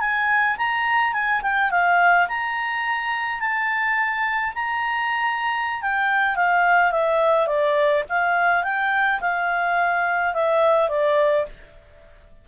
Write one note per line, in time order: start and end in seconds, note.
0.00 0.57 G#5
0.57 1.13 A#5
1.13 1.41 G#5
1.42 1.70 G5
1.71 2.27 F5
2.28 3.40 A#5
3.40 4.54 A5
4.55 5.82 A#5
5.82 6.36 G5
6.36 6.92 F5
6.92 7.47 E5
7.47 8.04 D5
8.09 8.64 F5
8.64 9.20 G5
9.20 10.34 F5
10.34 10.89 E5
10.89 11.46 D5